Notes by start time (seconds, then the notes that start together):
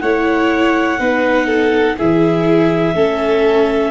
0.00 A3 E4 C#5 F#5
0.98 B3 D#4 B4
1.46 A4
1.98 E3 E4 G#4 E5
2.94 A3 C#4 A4